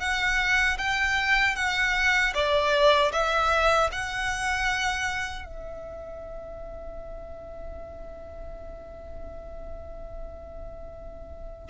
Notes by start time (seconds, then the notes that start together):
0.00 F#5
0.78 G5
1.56 F#5
2.34 D5
3.12 E5
3.92 F#5
5.46 E5